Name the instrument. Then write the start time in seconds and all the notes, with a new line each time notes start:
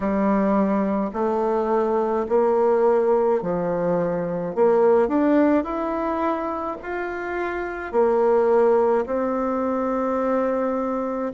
bassoon
0.00 G3
1.13 A3
2.28 A#3
3.42 F3
4.55 A#3
5.07 D4
5.63 E4
6.82 F4
7.92 A#3
9.06 C4